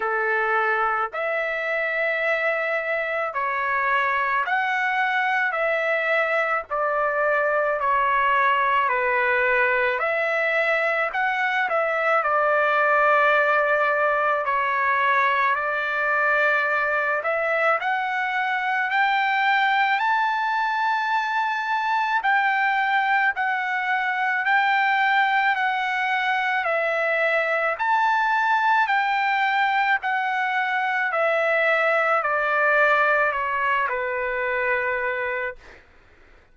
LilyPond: \new Staff \with { instrumentName = "trumpet" } { \time 4/4 \tempo 4 = 54 a'4 e''2 cis''4 | fis''4 e''4 d''4 cis''4 | b'4 e''4 fis''8 e''8 d''4~ | d''4 cis''4 d''4. e''8 |
fis''4 g''4 a''2 | g''4 fis''4 g''4 fis''4 | e''4 a''4 g''4 fis''4 | e''4 d''4 cis''8 b'4. | }